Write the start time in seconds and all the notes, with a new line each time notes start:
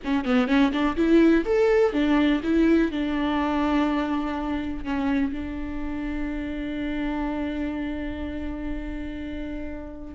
0.04 C#4
0.24 B3
0.47 C#4
0.71 D4
0.96 E4
1.45 A4
1.92 D4
2.43 E4
2.91 D4
4.84 C#4
5.32 D4